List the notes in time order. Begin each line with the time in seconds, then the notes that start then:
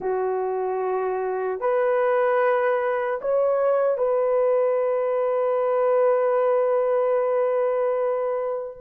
0.00 F#4
1.60 B4
3.21 C#5
3.97 B4